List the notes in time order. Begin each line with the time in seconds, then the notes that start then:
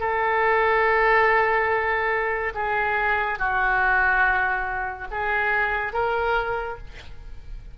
0.00 A4
2.54 G#4
3.39 F#4
5.11 G#4
5.93 A#4